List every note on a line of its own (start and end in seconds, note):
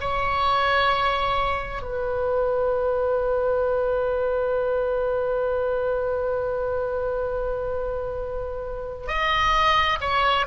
0.00 1.82 C#5
1.82 9.07 B4
9.07 9.98 D#5
10.00 10.46 C#5